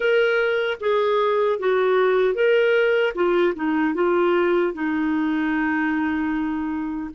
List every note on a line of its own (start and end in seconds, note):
0.00 0.78 A#4
0.80 1.59 G#4
1.59 2.34 F#4
2.34 3.13 A#4
3.14 3.54 F4
3.55 3.94 D#4
3.94 4.73 F4
4.73 7.10 D#4